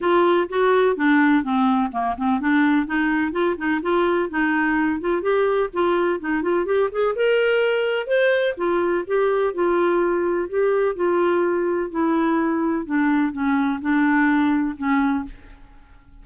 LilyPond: \new Staff \with { instrumentName = "clarinet" } { \time 4/4 \tempo 4 = 126 f'4 fis'4 d'4 c'4 | ais8 c'8 d'4 dis'4 f'8 dis'8 | f'4 dis'4. f'8 g'4 | f'4 dis'8 f'8 g'8 gis'8 ais'4~ |
ais'4 c''4 f'4 g'4 | f'2 g'4 f'4~ | f'4 e'2 d'4 | cis'4 d'2 cis'4 | }